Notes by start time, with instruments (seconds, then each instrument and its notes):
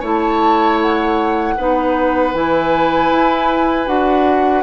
0.00 bassoon A3, clarinet E4, oboe C#5, flute A5
0.81 flute F#5
1.57 bassoon B3, clarinet D#4, oboe B4
2.33 bassoon E3, clarinet E4, flute G#5
3.11 bassoon E4
3.86 bassoon D4, clarinet F#4, flute F#5